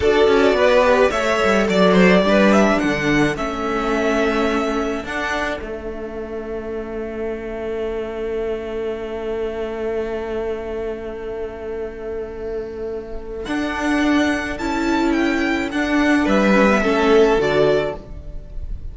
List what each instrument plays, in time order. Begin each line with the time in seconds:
0.00 cello D4, viola F#4, violin A4 D5
0.27 cello C#4
0.52 cello B3, violin B4
0.83 viola G4
1.11 cello A3, viola A4, violin C#5 E5
1.44 cello G3
1.68 cello F#3, violin D5
1.92 violin C5
2.22 cello G3, viola D4
2.28 violin B4
2.52 violin E5
2.79 cello D3, violin A4 F#5
3.36 cello A3, viola C#4, violin E5
5.04 cello D4, viola D4, violin F#5
5.60 cello A3, viola C#4, violin E5
13.45 viola D4, cello D4, violin F#5
14.58 cello C#4, viola E4, violin A5
15.12 violin G5
15.71 cello D4, viola D4, violin F#5
16.25 cello G3, violin B4 E5
16.54 viola C#4
16.70 viola B3
16.82 cello A3, viola C#4, violin A4
17.36 cello D3, viola F#4, violin D5